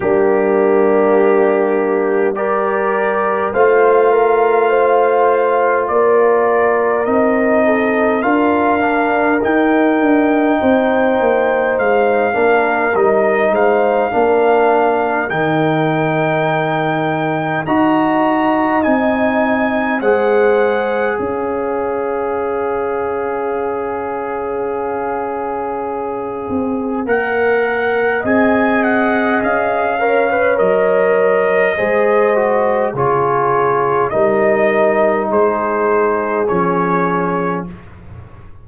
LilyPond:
<<
  \new Staff \with { instrumentName = "trumpet" } { \time 4/4 \tempo 4 = 51 g'2 d''4 f''4~ | f''4 d''4 dis''4 f''4 | g''2 f''4 dis''8 f''8~ | f''4 g''2 ais''4 |
gis''4 fis''4 f''2~ | f''2. fis''4 | gis''8 fis''8 f''4 dis''2 | cis''4 dis''4 c''4 cis''4 | }
  \new Staff \with { instrumentName = "horn" } { \time 4/4 d'2 ais'4 c''8 ais'8 | c''4 ais'4. a'8 ais'4~ | ais'4 c''4. ais'4 c''8 | ais'2. dis''4~ |
dis''4 c''4 cis''2~ | cis''1 | dis''4. cis''4. c''4 | gis'4 ais'4 gis'2 | }
  \new Staff \with { instrumentName = "trombone" } { \time 4/4 ais2 g'4 f'4~ | f'2 dis'4 f'8 d'8 | dis'2~ dis'8 d'8 dis'4 | d'4 dis'2 fis'4 |
dis'4 gis'2.~ | gis'2. ais'4 | gis'4. ais'16 b'16 ais'4 gis'8 fis'8 | f'4 dis'2 cis'4 | }
  \new Staff \with { instrumentName = "tuba" } { \time 4/4 g2. a4~ | a4 ais4 c'4 d'4 | dis'8 d'8 c'8 ais8 gis8 ais8 g8 gis8 | ais4 dis2 dis'4 |
c'4 gis4 cis'2~ | cis'2~ cis'8 c'8 ais4 | c'4 cis'4 fis4 gis4 | cis4 g4 gis4 f4 | }
>>